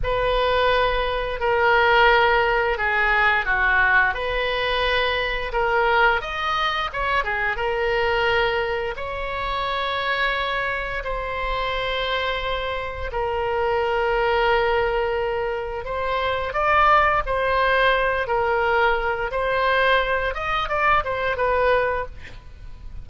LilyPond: \new Staff \with { instrumentName = "oboe" } { \time 4/4 \tempo 4 = 87 b'2 ais'2 | gis'4 fis'4 b'2 | ais'4 dis''4 cis''8 gis'8 ais'4~ | ais'4 cis''2. |
c''2. ais'4~ | ais'2. c''4 | d''4 c''4. ais'4. | c''4. dis''8 d''8 c''8 b'4 | }